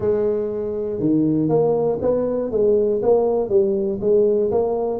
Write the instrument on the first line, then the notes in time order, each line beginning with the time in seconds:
tuba
0.00 G#3
0.99 D#3
1.49 A#3
2.01 B3
2.51 G#3
3.02 A#3
3.49 G3
4.00 G#3
4.51 A#3